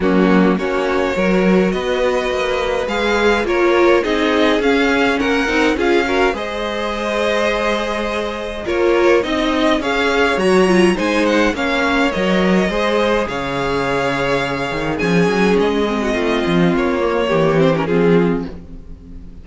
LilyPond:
<<
  \new Staff \with { instrumentName = "violin" } { \time 4/4 \tempo 4 = 104 fis'4 cis''2 dis''4~ | dis''4 f''4 cis''4 dis''4 | f''4 fis''4 f''4 dis''4~ | dis''2. cis''4 |
dis''4 f''4 ais''4 gis''8 fis''8 | f''4 dis''2 f''4~ | f''2 gis''4 dis''4~ | dis''4 cis''4. c''16 ais'16 gis'4 | }
  \new Staff \with { instrumentName = "violin" } { \time 4/4 cis'4 fis'4 ais'4 b'4~ | b'2 ais'4 gis'4~ | gis'4 ais'4 gis'8 ais'8 c''4~ | c''2. ais'4 |
dis''4 cis''2 c''4 | cis''2 c''4 cis''4~ | cis''2 gis'4.~ gis'16 fis'16 | f'2 g'4 f'4 | }
  \new Staff \with { instrumentName = "viola" } { \time 4/4 ais4 cis'4 fis'2~ | fis'4 gis'4 f'4 dis'4 | cis'4. dis'8 f'8 fis'8 gis'4~ | gis'2. f'4 |
dis'4 gis'4 fis'8 f'8 dis'4 | cis'4 ais'4 gis'2~ | gis'2 cis'4. c'8~ | c'4. ais4 c'16 cis'16 c'4 | }
  \new Staff \with { instrumentName = "cello" } { \time 4/4 fis4 ais4 fis4 b4 | ais4 gis4 ais4 c'4 | cis'4 ais8 c'8 cis'4 gis4~ | gis2. ais4 |
c'4 cis'4 fis4 gis4 | ais4 fis4 gis4 cis4~ | cis4. dis8 f8 fis8 gis4 | a8 f8 ais4 e4 f4 | }
>>